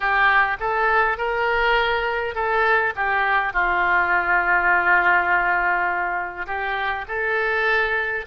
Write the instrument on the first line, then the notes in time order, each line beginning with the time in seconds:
oboe
0.00 G4
0.60 A4
1.17 A#4
2.34 A4
2.95 G4
3.53 F4
6.46 G4
7.07 A4